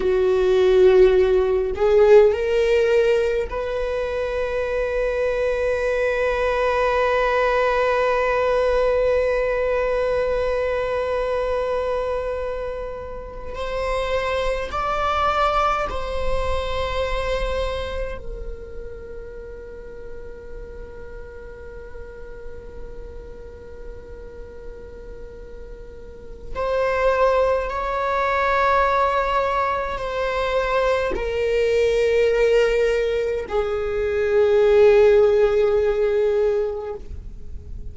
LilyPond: \new Staff \with { instrumentName = "viola" } { \time 4/4 \tempo 4 = 52 fis'4. gis'8 ais'4 b'4~ | b'1~ | b'2.~ b'8. c''16~ | c''8. d''4 c''2 ais'16~ |
ais'1~ | ais'2. c''4 | cis''2 c''4 ais'4~ | ais'4 gis'2. | }